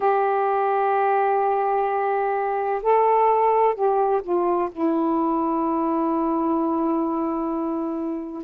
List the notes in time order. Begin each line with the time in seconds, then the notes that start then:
0.00 G4
2.82 A4
3.74 G4
4.22 F4
4.71 E4